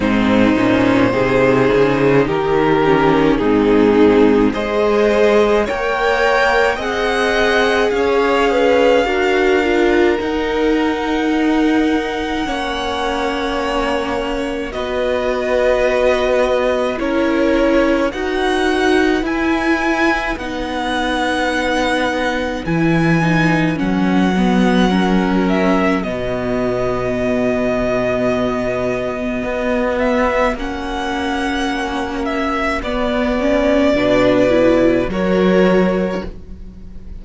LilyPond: <<
  \new Staff \with { instrumentName = "violin" } { \time 4/4 \tempo 4 = 53 c''2 ais'4 gis'4 | dis''4 g''4 fis''4 f''4~ | f''4 fis''2.~ | fis''4 dis''2 cis''4 |
fis''4 gis''4 fis''2 | gis''4 fis''4. e''8 dis''4~ | dis''2~ dis''8 e''8 fis''4~ | fis''8 e''8 d''2 cis''4 | }
  \new Staff \with { instrumentName = "violin" } { \time 4/4 dis'4 gis'4 g'4 dis'4 | c''4 cis''4 dis''4 cis''8 b'8 | ais'2. cis''4~ | cis''4 b'2 ais'4 |
b'1~ | b'2 ais'4 fis'4~ | fis'1~ | fis'2 b'4 ais'4 | }
  \new Staff \with { instrumentName = "viola" } { \time 4/4 c'8 cis'8 dis'4. cis'8 c'4 | gis'4 ais'4 gis'2 | fis'8 f'8 dis'2 cis'4~ | cis'4 fis'2 e'4 |
fis'4 e'4 dis'2 | e'8 dis'8 cis'8 b8 cis'4 b4~ | b2. cis'4~ | cis'4 b8 cis'8 d'8 e'8 fis'4 | }
  \new Staff \with { instrumentName = "cello" } { \time 4/4 gis,8 ais,8 c8 cis8 dis4 gis,4 | gis4 ais4 c'4 cis'4 | d'4 dis'2 ais4~ | ais4 b2 cis'4 |
dis'4 e'4 b2 | e4 fis2 b,4~ | b,2 b4 ais4~ | ais4 b4 b,4 fis4 | }
>>